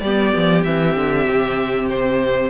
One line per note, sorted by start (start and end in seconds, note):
0.00 0.32 G3
0.00 0.65 B3
0.00 2.50 G4
0.00 0.62 D5
0.36 0.65 F3
0.63 0.96 E3
0.63 2.50 C4
0.63 1.87 E5
0.96 1.27 D3
1.28 2.50 C3
1.90 2.50 C5